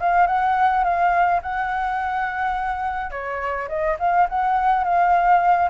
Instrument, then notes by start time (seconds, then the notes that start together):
flute
0.00 F5
0.27 F#5
0.84 F5
1.42 F#5
3.11 C#5
3.68 D#5
3.99 F5
4.29 F#5
4.84 F5